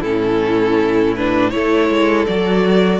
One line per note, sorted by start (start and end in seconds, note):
0.00 1.53 A2
0.00 1.16 C#4
0.00 1.50 E4
0.00 1.14 A4
1.15 1.52 D4
1.15 1.50 B4
1.50 1.89 A3
1.50 2.27 E4
1.50 3.00 A4
1.50 2.25 C#5
1.89 2.27 G#3
2.26 3.00 F#3
2.26 3.00 F#4
2.26 3.00 D5